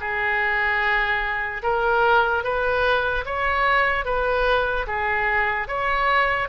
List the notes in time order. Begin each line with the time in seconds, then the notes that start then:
0.00 G#4
1.63 A#4
2.44 B4
3.25 C#5
4.05 B4
4.87 G#4
5.68 C#5